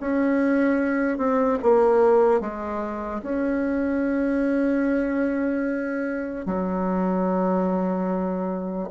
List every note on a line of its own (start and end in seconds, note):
0.00 1.18 C#4
1.18 1.58 C4
1.62 2.40 A#3
2.40 3.21 G#3
3.22 6.45 C#4
6.45 8.89 F#3